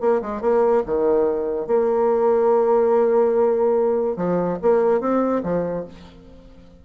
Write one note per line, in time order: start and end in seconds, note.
0.00 0.21 A#3
0.21 0.41 G#3
0.41 0.82 A#3
0.86 1.66 D#3
1.66 4.16 A#3
4.16 4.58 F3
4.62 5.00 A#3
5.00 5.42 C4
5.43 5.84 F3